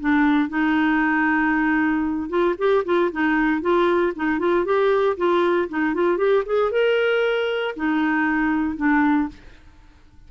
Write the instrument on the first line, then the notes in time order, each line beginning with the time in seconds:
clarinet
0.00 D4
0.49 D#4
2.29 F4
2.58 G4
2.85 F4
3.12 D#4
3.61 F4
4.16 D#4
4.39 F4
4.65 G4
5.17 F4
5.68 D#4
5.94 F4
6.17 G4
6.45 G#4
6.71 A#4
7.76 D#4
8.76 D4